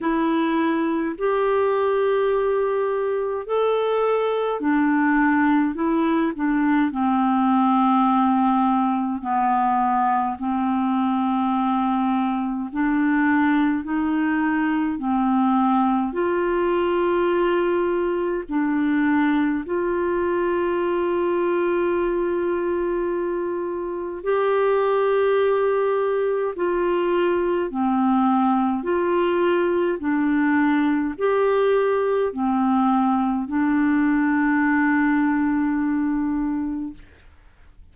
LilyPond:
\new Staff \with { instrumentName = "clarinet" } { \time 4/4 \tempo 4 = 52 e'4 g'2 a'4 | d'4 e'8 d'8 c'2 | b4 c'2 d'4 | dis'4 c'4 f'2 |
d'4 f'2.~ | f'4 g'2 f'4 | c'4 f'4 d'4 g'4 | c'4 d'2. | }